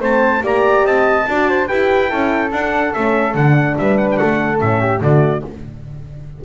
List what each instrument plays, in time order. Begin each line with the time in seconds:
0.00 double bass A3, horn C4, flute C5, trumpet A5
0.40 double bass A#3, horn G4, flute D5
0.46 trumpet A#5
0.84 double bass C4, flute D#5, trumpet A5
1.28 double bass D4, horn F#4, flute D5
1.49 flute C5
1.67 double bass E4, horn G4, flute B4, trumpet G5
2.08 double bass C#4, horn E4, flute A4
2.52 horn D4, double bass D4, trumpet F#5
2.93 double bass A3, horn C#4, trumpet E5
3.34 double bass D3, horn D4, trumpet F#5
3.78 double bass G3, flute B4, trumpet E5
3.97 trumpet F#5
4.11 trumpet G5
4.17 double bass A3, flute A4, trumpet F#5
4.58 double bass A2, horn C#4, trumpet E5
4.80 flute G4
5.00 double bass D3, horn A3, flute F#4, trumpet D5